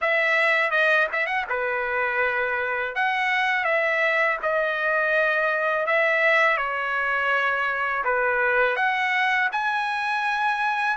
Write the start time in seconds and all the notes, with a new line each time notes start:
0.01 E5
0.71 D#5
1.12 E5
1.26 F#5
1.49 B4
2.95 F#5
3.64 E5
4.42 D#5
5.86 E5
6.57 C#5
8.04 B4
8.76 F#5
9.52 G#5